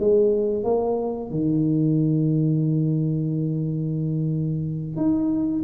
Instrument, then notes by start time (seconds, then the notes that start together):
tuba
0.00 G#3
0.64 A#3
1.31 D#3
4.97 D#4